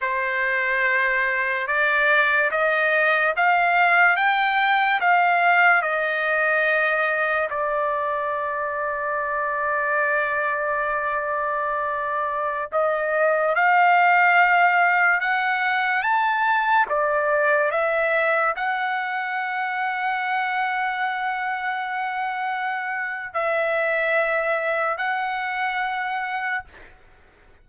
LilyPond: \new Staff \with { instrumentName = "trumpet" } { \time 4/4 \tempo 4 = 72 c''2 d''4 dis''4 | f''4 g''4 f''4 dis''4~ | dis''4 d''2.~ | d''2.~ d''16 dis''8.~ |
dis''16 f''2 fis''4 a''8.~ | a''16 d''4 e''4 fis''4.~ fis''16~ | fis''1 | e''2 fis''2 | }